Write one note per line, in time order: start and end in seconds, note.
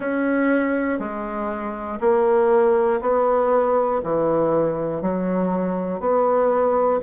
0.00 0.99 C#4
0.99 1.99 G#3
2.00 3.00 A#3
3.01 4.01 B3
4.03 5.01 E3
5.01 6.00 F#3
6.00 7.00 B3